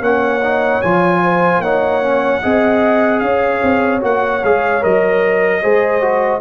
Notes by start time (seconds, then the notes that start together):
0.00 A#3 C#4 C#5 F#5
0.43 D#4
0.81 F3 F4 G#5
1.23 C5
1.59 A#3 D#4 C#5 F#5
2.02 C#4
2.42 C4 G#4 D#5
3.19 C#4 C#5 F5
3.63 C4
4.00 A#3 F#4 F#5
4.43 G#3 G#4 F5
4.81 F#3 A#4 D#5
5.62 G#3 G#4 C5
6.01 F#4